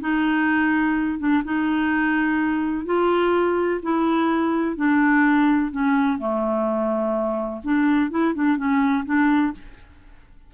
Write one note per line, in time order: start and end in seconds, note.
0.00 1.19 D#4
1.19 1.43 D4
1.44 2.85 D#4
2.85 3.81 F4
3.82 4.76 E4
4.76 5.71 D4
5.71 6.18 C#4
6.18 7.61 A3
7.64 8.10 D4
8.10 8.34 E4
8.35 8.57 D4
8.57 9.05 C#4
9.05 9.53 D4